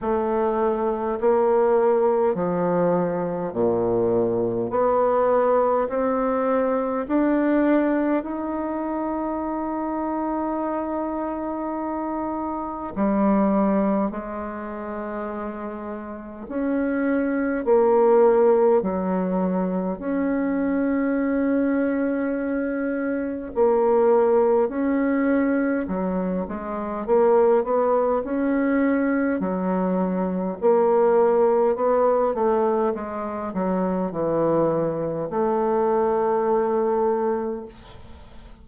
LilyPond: \new Staff \with { instrumentName = "bassoon" } { \time 4/4 \tempo 4 = 51 a4 ais4 f4 ais,4 | b4 c'4 d'4 dis'4~ | dis'2. g4 | gis2 cis'4 ais4 |
fis4 cis'2. | ais4 cis'4 fis8 gis8 ais8 b8 | cis'4 fis4 ais4 b8 a8 | gis8 fis8 e4 a2 | }